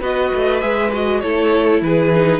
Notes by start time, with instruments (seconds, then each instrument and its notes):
0.00 cello B3, viola F#4, violin B4 D#5
0.34 cello A3
0.60 cello G#3, viola G#4, violin E5
0.93 viola F#4, violin D#5
1.20 cello A3, viola E4, violin A4 C#5
1.81 cello E3, violin G#4 B4
2.14 viola D#4